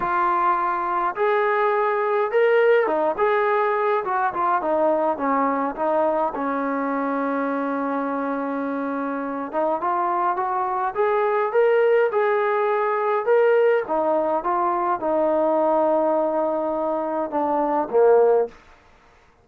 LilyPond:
\new Staff \with { instrumentName = "trombone" } { \time 4/4 \tempo 4 = 104 f'2 gis'2 | ais'4 dis'8 gis'4. fis'8 f'8 | dis'4 cis'4 dis'4 cis'4~ | cis'1~ |
cis'8 dis'8 f'4 fis'4 gis'4 | ais'4 gis'2 ais'4 | dis'4 f'4 dis'2~ | dis'2 d'4 ais4 | }